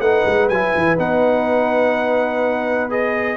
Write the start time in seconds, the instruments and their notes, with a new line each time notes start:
0.00 tuba A3, trombone D#4, horn B4, trumpet F#5
0.26 tuba G#3
0.49 tuba F#3, trombone E4, trumpet G#5
0.76 tuba E3
0.98 tuba B3, trombone D#4, trumpet F#5
2.90 trombone G#4, trumpet D#5